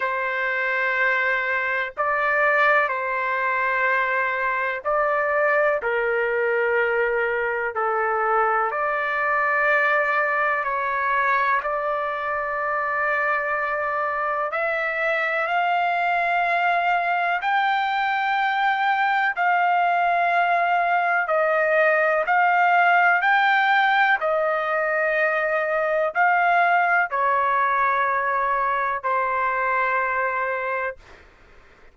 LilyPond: \new Staff \with { instrumentName = "trumpet" } { \time 4/4 \tempo 4 = 62 c''2 d''4 c''4~ | c''4 d''4 ais'2 | a'4 d''2 cis''4 | d''2. e''4 |
f''2 g''2 | f''2 dis''4 f''4 | g''4 dis''2 f''4 | cis''2 c''2 | }